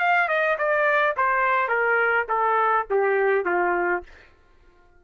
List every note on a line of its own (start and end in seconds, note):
0.00 0.29 F5
0.29 0.57 D#5
0.58 1.16 D5
1.17 1.69 C5
1.69 2.26 A#4
2.29 2.87 A4
2.91 3.45 G4
3.45 4.03 F4